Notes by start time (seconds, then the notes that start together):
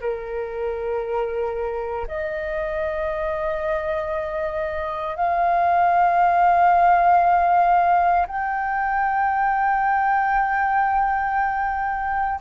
0.00 A#4
2.07 D#5
5.16 F5
8.27 G5